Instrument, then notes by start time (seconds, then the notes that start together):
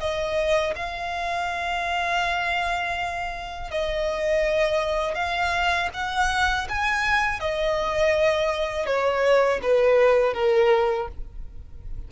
violin
0.00 D#5
0.76 F5
3.71 D#5
5.15 F5
5.94 F#5
6.69 G#5
7.40 D#5
8.86 C#5
9.63 B4
10.34 A#4